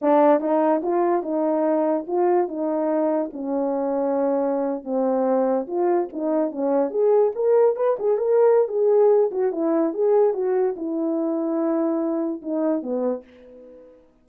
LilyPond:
\new Staff \with { instrumentName = "horn" } { \time 4/4 \tempo 4 = 145 d'4 dis'4 f'4 dis'4~ | dis'4 f'4 dis'2 | cis'2.~ cis'8. c'16~ | c'4.~ c'16 f'4 dis'4 cis'16~ |
cis'8. gis'4 ais'4 b'8 gis'8 ais'16~ | ais'4 gis'4. fis'8 e'4 | gis'4 fis'4 e'2~ | e'2 dis'4 b4 | }